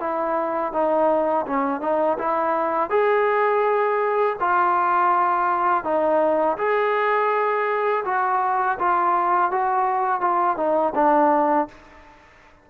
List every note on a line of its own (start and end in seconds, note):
0.00 0.73 E4
0.73 1.46 D#4
1.47 1.81 C#4
1.81 2.18 D#4
2.19 2.90 E4
2.90 4.37 G#4
4.40 5.84 F4
5.84 6.57 D#4
6.58 8.04 G#4
8.05 8.78 F#4
8.79 9.51 F4
9.51 10.21 F#4
10.21 10.57 F4
10.57 10.94 D#4
10.95 11.68 D4